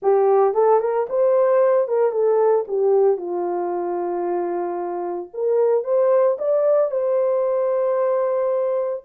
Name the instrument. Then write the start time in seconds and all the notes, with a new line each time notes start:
horn
0.02 G4
0.54 A4
0.80 A#4
1.09 C5
1.88 A#4
2.11 A4
2.67 G4
3.17 F4
5.33 A#4
5.84 C5
6.38 D5
6.91 C5